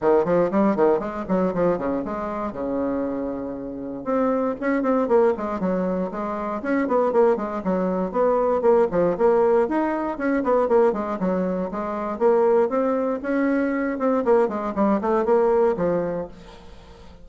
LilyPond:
\new Staff \with { instrumentName = "bassoon" } { \time 4/4 \tempo 4 = 118 dis8 f8 g8 dis8 gis8 fis8 f8 cis8 | gis4 cis2. | c'4 cis'8 c'8 ais8 gis8 fis4 | gis4 cis'8 b8 ais8 gis8 fis4 |
b4 ais8 f8 ais4 dis'4 | cis'8 b8 ais8 gis8 fis4 gis4 | ais4 c'4 cis'4. c'8 | ais8 gis8 g8 a8 ais4 f4 | }